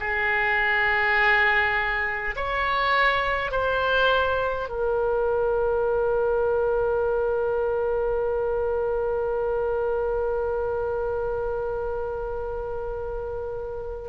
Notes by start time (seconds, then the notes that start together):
0.00 G#4
2.36 C#5
3.51 C5
4.69 A#4